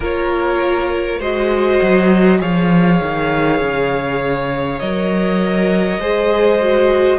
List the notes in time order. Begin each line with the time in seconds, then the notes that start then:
0.00 A#3 F4 A#4 C#5
1.18 G#3 F#4 C5 D#5
1.81 F#3
2.38 F3 G#4 C#5 F5
3.01 D#3
3.60 C#3
4.79 F#3 A#4 D#5
5.98 G#3 G#4 C5
6.61 F#4